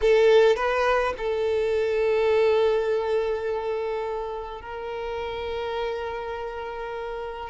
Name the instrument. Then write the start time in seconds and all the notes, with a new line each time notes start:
violin
0.01 A4
0.56 B4
1.17 A4
4.61 A#4